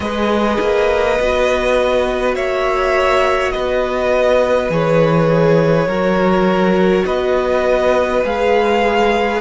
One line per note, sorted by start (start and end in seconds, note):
0.00 0.57 G#3
0.00 1.16 G#4
0.00 2.35 B4
0.00 2.35 D#5
0.60 1.19 A#3
1.20 2.35 B3
1.20 4.70 F#4
2.35 3.53 A#3
2.35 3.53 C#5
2.35 3.51 E5
3.51 4.69 B3
3.51 5.87 B4
3.51 4.68 D#5
4.69 5.87 E3
4.69 5.88 G#4
4.69 7.05 C#5
5.87 7.04 F#3
5.87 8.24 F#4
5.87 7.05 A#4
7.05 8.23 B3
7.05 9.41 B4
7.05 8.23 D#5
8.24 9.41 G#3
8.24 9.41 G#4
8.24 9.41 F5